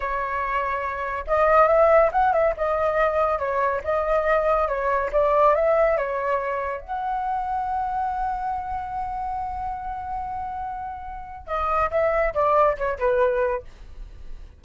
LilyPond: \new Staff \with { instrumentName = "flute" } { \time 4/4 \tempo 4 = 141 cis''2. dis''4 | e''4 fis''8 e''8 dis''2 | cis''4 dis''2 cis''4 | d''4 e''4 cis''2 |
fis''1~ | fis''1~ | fis''2. dis''4 | e''4 d''4 cis''8 b'4. | }